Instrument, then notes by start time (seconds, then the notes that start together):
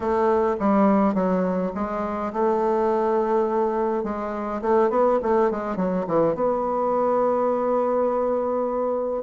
bassoon
0.00 A3
0.59 G3
1.14 F#3
1.74 G#3
2.32 A3
4.03 G#3
4.61 A3
4.90 B3
5.22 A3
5.50 G#3
5.76 F#3
6.07 E3
6.34 B3